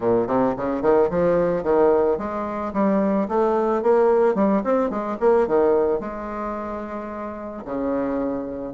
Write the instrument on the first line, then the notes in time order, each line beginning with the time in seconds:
bassoon
0.00 A#2
0.27 C3
0.57 C#3
0.82 D#3
1.09 F3
1.63 D#3
2.18 G#3
2.73 G3
3.28 A3
3.82 A#3
4.35 G3
4.64 C4
4.90 G#3
5.20 A#3
5.47 D#3
6.00 G#3
7.65 C#3